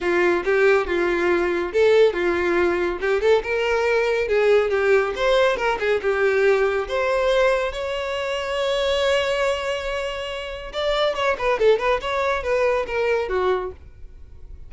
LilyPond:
\new Staff \with { instrumentName = "violin" } { \time 4/4 \tempo 4 = 140 f'4 g'4 f'2 | a'4 f'2 g'8 a'8 | ais'2 gis'4 g'4 | c''4 ais'8 gis'8 g'2 |
c''2 cis''2~ | cis''1~ | cis''4 d''4 cis''8 b'8 a'8 b'8 | cis''4 b'4 ais'4 fis'4 | }